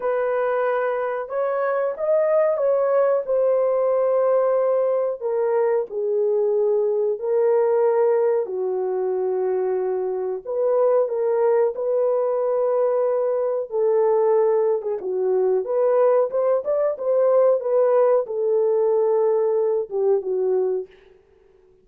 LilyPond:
\new Staff \with { instrumentName = "horn" } { \time 4/4 \tempo 4 = 92 b'2 cis''4 dis''4 | cis''4 c''2. | ais'4 gis'2 ais'4~ | ais'4 fis'2. |
b'4 ais'4 b'2~ | b'4 a'4.~ a'16 gis'16 fis'4 | b'4 c''8 d''8 c''4 b'4 | a'2~ a'8 g'8 fis'4 | }